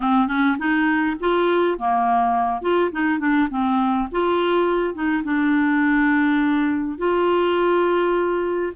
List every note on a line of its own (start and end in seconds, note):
0.00 0.27 C4
0.27 0.56 C#4
0.58 1.16 D#4
1.20 1.78 F4
1.78 2.61 A#3
2.61 2.90 F4
2.91 3.19 D#4
3.19 3.48 D4
3.50 4.08 C4
4.11 4.94 F4
4.94 5.23 D#4
5.23 6.97 D4
6.97 8.72 F4